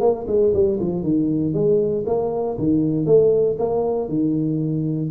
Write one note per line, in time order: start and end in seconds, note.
0.00 0.25 A#3
0.27 0.53 G#3
0.53 0.79 G3
0.80 1.03 F3
1.03 1.54 D#3
1.54 2.05 G#3
2.06 2.57 A#3
2.58 3.06 D#3
3.06 3.56 A3
3.58 4.08 A#3
4.08 5.10 D#3